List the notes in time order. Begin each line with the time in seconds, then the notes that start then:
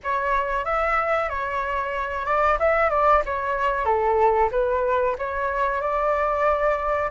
0.03 C#5
0.65 E5
1.29 C#5
2.25 D5
2.59 E5
2.90 D5
3.25 C#5
3.85 A4
4.51 B4
5.18 C#5
5.81 D5